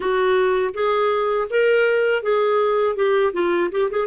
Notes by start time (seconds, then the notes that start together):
0.00 F#4
0.73 G#4
1.50 A#4
2.23 G#4
2.96 G4
3.33 F4
3.71 G4
3.91 G#4